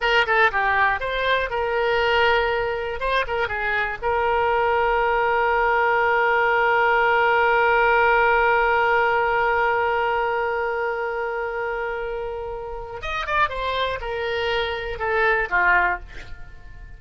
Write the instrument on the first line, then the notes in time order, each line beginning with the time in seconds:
oboe
0.00 A#4
0.26 A4
0.51 G4
1.00 C5
1.50 A#4
3.00 C5
3.27 A#4
3.47 G#4
4.01 A#4
13.01 D#5
13.26 D5
13.49 C5
14.00 A#4
14.99 A4
15.49 F4